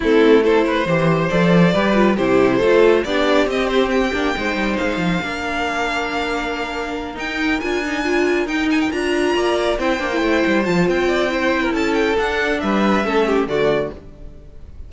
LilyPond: <<
  \new Staff \with { instrumentName = "violin" } { \time 4/4 \tempo 4 = 138 a'4 c''2 d''4~ | d''4 c''2 d''4 | dis''8 c''8 g''2 f''4~ | f''1~ |
f''8 g''4 gis''2 g''8 | gis''16 g''16 ais''2 g''4.~ | g''8 a''8 g''2 a''8 g''8 | fis''4 e''2 d''4 | }
  \new Staff \with { instrumentName = "violin" } { \time 4/4 e'4 a'8 b'8 c''2 | b'4 g'4 a'4 g'4~ | g'2 c''2 | ais'1~ |
ais'1~ | ais'4. d''4 c''4.~ | c''4. d''8 c''8. ais'16 a'4~ | a'4 b'4 a'8 g'8 fis'4 | }
  \new Staff \with { instrumentName = "viola" } { \time 4/4 c'4 e'4 g'4 a'4 | g'8 f'8 e'4 f'4 d'4 | c'4. d'8 dis'2 | d'1~ |
d'8 dis'4 f'8 dis'8 f'4 dis'8~ | dis'8 f'2 e'8 d'16 e'8.~ | e'8 f'4. e'2 | d'2 cis'4 a4 | }
  \new Staff \with { instrumentName = "cello" } { \time 4/4 a2 e4 f4 | g4 c4 a4 b4 | c'4. ais8 gis8 g8 gis8 f8 | ais1~ |
ais8 dis'4 d'2 dis'8~ | dis'8 d'4 ais4 c'8 ais8 a8 | g8 f8 c'2 cis'4 | d'4 g4 a4 d4 | }
>>